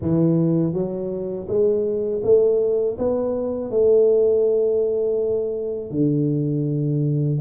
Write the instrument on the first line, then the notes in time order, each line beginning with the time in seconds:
tuba
0.01 E3
0.73 F#3
1.47 G#3
2.23 A3
2.98 B3
3.70 A3
5.90 D3